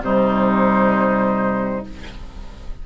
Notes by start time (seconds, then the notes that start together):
0.00 C3 G3 D#4 C5